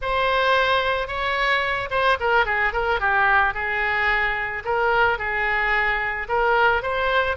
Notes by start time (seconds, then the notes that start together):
0.01 C5
1.07 C#5
1.90 C5
2.20 A#4
2.45 G#4
2.72 A#4
3.00 G4
3.54 G#4
4.65 A#4
5.18 G#4
6.28 A#4
6.82 C5